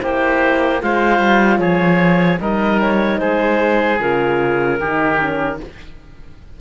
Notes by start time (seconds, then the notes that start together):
0.00 A#3 E4 G4 C5
0.80 G#3 F4 C5 F5
1.19 G3
1.58 F3 G#4 C#5
2.40 G3 D#4 A#4 D#5
2.81 C#5
3.18 G#3 G#4 C5
3.99 C#3 F4 A#4
4.79 D#3 D#4 G4
5.20 C#4